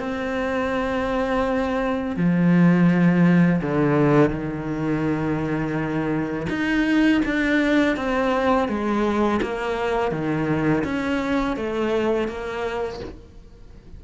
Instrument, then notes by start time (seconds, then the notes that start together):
cello
0.00 C4
2.17 F3
3.62 D3
4.31 D#3
6.50 D#4
7.26 D4
7.97 C4
8.69 G#3
9.42 A#3
10.12 D#3
10.85 C#4
11.57 A3
12.28 A#3